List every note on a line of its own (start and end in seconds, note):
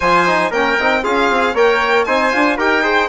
0.00 0.50 F3
0.00 0.27 F4
0.00 0.50 C5
0.00 0.51 G#5
0.27 0.52 D#4
0.50 0.76 A#3
0.50 0.79 C#4
0.50 1.02 A#4
0.50 1.04 G5
0.79 1.05 C4
0.79 1.03 D#4
1.03 1.30 C#4
1.03 1.54 F4
1.03 1.54 G#4
1.03 1.55 F5
1.30 1.54 C4
1.54 2.05 A#3
1.54 2.06 A#4
1.54 2.05 C#5
1.54 2.04 G5
2.04 2.33 C4
2.04 2.32 D#4
2.04 2.56 C5
2.04 2.56 G#5
2.32 2.58 D4
2.32 2.57 F4
2.56 3.09 D#4
2.56 2.83 G4
2.56 2.82 A#4
2.56 3.09 G5
2.82 3.09 G#4
2.82 3.08 C5